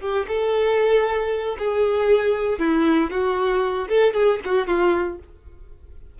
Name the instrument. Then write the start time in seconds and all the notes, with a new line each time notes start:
violin
0.00 G4
0.28 A4
1.58 G#4
2.59 E4
3.10 F#4
3.88 A4
4.14 G#4
4.45 F#4
4.67 F4